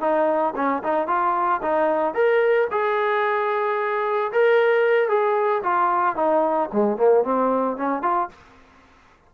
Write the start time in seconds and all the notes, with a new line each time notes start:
0.00 D#4
0.55 C#4
0.83 D#4
1.07 F4
1.62 D#4
2.14 A#4
2.71 G#4
4.32 A#4
5.08 G#4
5.62 F4
6.15 D#4
6.72 G#3
6.97 A#3
7.23 C4
7.77 C#4
8.02 F4